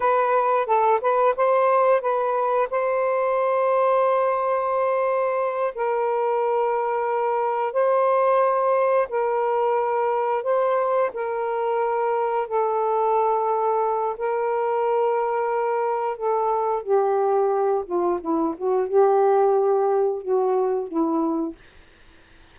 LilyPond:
\new Staff \with { instrumentName = "saxophone" } { \time 4/4 \tempo 4 = 89 b'4 a'8 b'8 c''4 b'4 | c''1~ | c''8 ais'2. c''8~ | c''4. ais'2 c''8~ |
c''8 ais'2 a'4.~ | a'4 ais'2. | a'4 g'4. f'8 e'8 fis'8 | g'2 fis'4 e'4 | }